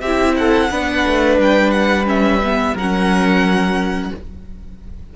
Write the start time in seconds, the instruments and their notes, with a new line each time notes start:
0.00 cello C4, viola E4, violin G4 E5
0.36 violin A4 F#5
0.70 cello B3, viola D4, violin B4
1.07 cello A3
1.38 cello G3, violin G5
1.70 violin F#5
2.06 viola C#4, violin E5
2.44 viola B3
2.73 cello F#3, violin A#4 F#5
2.79 viola C#4